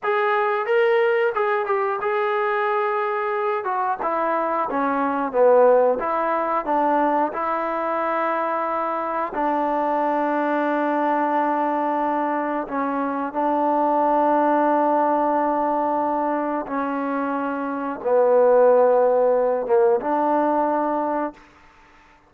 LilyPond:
\new Staff \with { instrumentName = "trombone" } { \time 4/4 \tempo 4 = 90 gis'4 ais'4 gis'8 g'8 gis'4~ | gis'4. fis'8 e'4 cis'4 | b4 e'4 d'4 e'4~ | e'2 d'2~ |
d'2. cis'4 | d'1~ | d'4 cis'2 b4~ | b4. ais8 d'2 | }